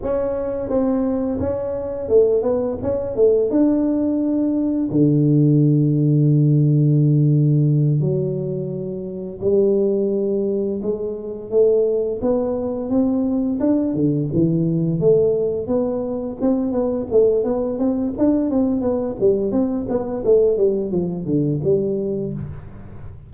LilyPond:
\new Staff \with { instrumentName = "tuba" } { \time 4/4 \tempo 4 = 86 cis'4 c'4 cis'4 a8 b8 | cis'8 a8 d'2 d4~ | d2.~ d8 fis8~ | fis4. g2 gis8~ |
gis8 a4 b4 c'4 d'8 | d8 e4 a4 b4 c'8 | b8 a8 b8 c'8 d'8 c'8 b8 g8 | c'8 b8 a8 g8 f8 d8 g4 | }